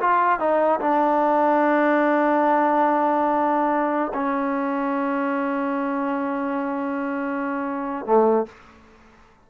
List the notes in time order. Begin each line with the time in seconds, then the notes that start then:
0.00 F4
0.39 D#4
0.80 D4
4.13 C#4
8.05 A3